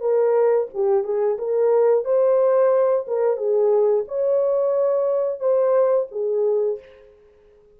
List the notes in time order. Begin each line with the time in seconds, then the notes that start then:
0.00 A#4
0.73 G4
1.03 G#4
1.38 A#4
2.04 C5
3.07 A#4
3.36 G#4
4.08 C#5
5.39 C5
6.11 G#4